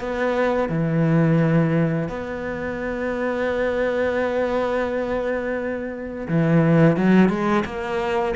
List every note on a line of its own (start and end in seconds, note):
0.00 0.69 B3
0.69 2.09 E3
2.09 6.28 B3
6.29 6.97 E3
6.97 7.29 F#3
7.29 7.64 G#3
7.65 8.35 A#3